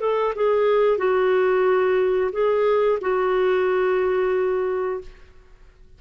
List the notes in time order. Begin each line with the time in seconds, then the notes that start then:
0.00 A4
0.35 G#4
0.98 F#4
2.32 G#4
3.01 F#4